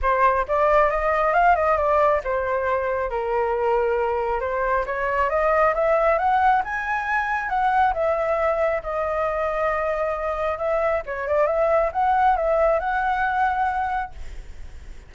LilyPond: \new Staff \with { instrumentName = "flute" } { \time 4/4 \tempo 4 = 136 c''4 d''4 dis''4 f''8 dis''8 | d''4 c''2 ais'4~ | ais'2 c''4 cis''4 | dis''4 e''4 fis''4 gis''4~ |
gis''4 fis''4 e''2 | dis''1 | e''4 cis''8 d''8 e''4 fis''4 | e''4 fis''2. | }